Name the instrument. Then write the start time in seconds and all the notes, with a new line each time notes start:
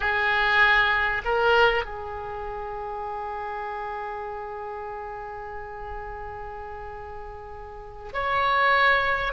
oboe
0.00 G#4
1.24 A#4
1.84 G#4
8.13 C#5